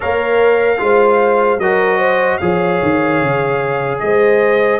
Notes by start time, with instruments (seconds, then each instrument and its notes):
0.00 tuba A#3, trombone A#4, horn C#5, trumpet F5
0.78 tuba G#3, trombone F4, horn C5
1.58 tuba F#3, trombone F#4, horn A#4, trumpet D#5
1.98 horn C5
2.37 tuba F3, trombone G#4, horn C#5, trumpet F5
2.82 tuba D#3
3.21 tuba C#3
3.99 tuba G#3, horn C5, trumpet D#5